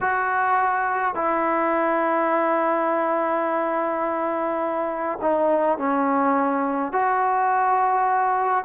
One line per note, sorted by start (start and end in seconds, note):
0.01 1.14 F#4
1.14 5.18 E4
5.21 5.77 D#4
5.77 6.92 C#4
6.92 8.64 F#4